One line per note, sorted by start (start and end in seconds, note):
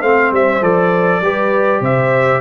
0.00 0.31 A3
0.00 0.61 C4
0.00 1.20 C5
0.00 0.32 F5
0.31 0.61 G3
0.31 0.63 E5
0.61 1.21 F3
0.61 1.21 A4
0.61 1.83 D5
1.21 1.80 G3
1.21 2.41 G4
1.21 1.81 B4
1.80 2.40 C3
1.80 2.41 C5
1.80 2.41 E5